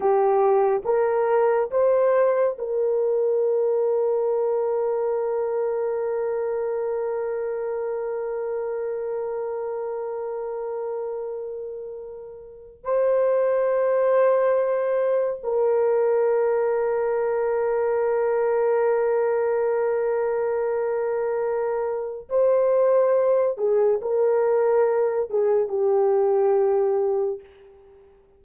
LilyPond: \new Staff \with { instrumentName = "horn" } { \time 4/4 \tempo 4 = 70 g'4 ais'4 c''4 ais'4~ | ais'1~ | ais'1~ | ais'2. c''4~ |
c''2 ais'2~ | ais'1~ | ais'2 c''4. gis'8 | ais'4. gis'8 g'2 | }